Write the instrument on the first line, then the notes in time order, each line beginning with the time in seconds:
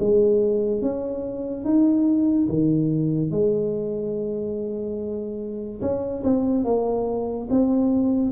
tuba
0.00 G#3
0.82 C#4
1.65 D#4
2.49 D#3
3.31 G#3
5.81 C#4
6.24 C4
6.65 A#3
7.50 C4